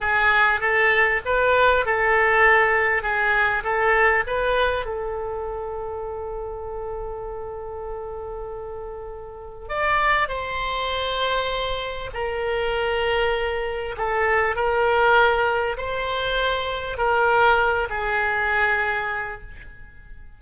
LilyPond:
\new Staff \with { instrumentName = "oboe" } { \time 4/4 \tempo 4 = 99 gis'4 a'4 b'4 a'4~ | a'4 gis'4 a'4 b'4 | a'1~ | a'1 |
d''4 c''2. | ais'2. a'4 | ais'2 c''2 | ais'4. gis'2~ gis'8 | }